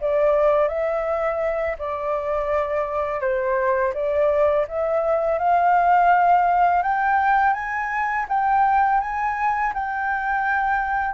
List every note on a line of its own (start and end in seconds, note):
0.00 0.68 D5
0.68 1.76 E5
1.78 3.20 D5
3.20 3.93 C5
3.94 4.66 D5
4.67 5.38 E5
5.38 6.82 F5
6.82 7.53 G5
7.53 8.25 G#5
8.28 9.00 G5
9.00 9.73 G#5
9.73 11.14 G5